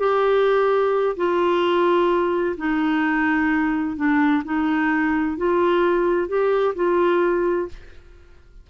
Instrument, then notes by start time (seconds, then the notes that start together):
clarinet
0.00 G4
1.16 F4
2.57 D#4
3.97 D4
4.45 D#4
5.37 F4
6.28 G4
6.75 F4